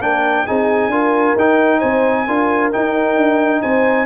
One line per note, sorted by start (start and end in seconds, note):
0.00 0.45 A#3
0.00 0.46 D4
0.00 0.45 A#4
0.00 0.46 G5
0.45 0.87 C4
0.45 0.91 D#4
0.45 0.90 G#4
0.45 1.37 G#5
0.87 1.33 D4
0.87 1.37 F4
0.87 1.79 A#4
1.36 1.81 D#4
1.36 2.27 D#4
1.36 1.80 G5
1.79 2.27 C4
1.79 2.24 C5
1.79 2.70 G#5
2.26 2.73 D4
2.26 2.72 F4
2.26 3.62 A#4
2.72 4.06 D#4
2.72 3.16 D#4
2.72 3.62 G5
3.16 3.62 D4
3.62 4.06 C4
3.62 4.06 C5
3.62 4.06 G#5